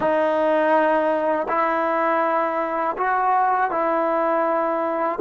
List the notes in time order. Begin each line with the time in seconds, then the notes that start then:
0.00 D#4
1.48 E4
2.97 F#4
3.70 E4